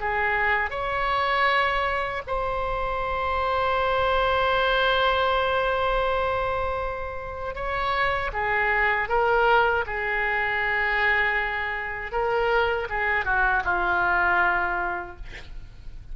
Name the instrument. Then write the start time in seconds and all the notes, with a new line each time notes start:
oboe
0.00 G#4
0.70 C#5
2.27 C5
7.55 C#5
8.33 G#4
9.08 A#4
9.86 G#4
12.12 A#4
12.89 G#4
13.25 F#4
13.64 F4